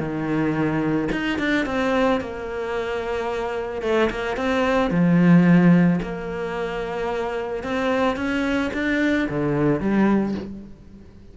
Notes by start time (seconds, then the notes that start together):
0.00 D#3
1.12 D#4
1.39 D4
1.66 C4
2.21 A#3
3.83 A3
4.11 A#3
4.37 C4
4.91 F3
6.03 A#3
7.64 C4
8.17 C#4
8.74 D4
9.30 D3
9.81 G3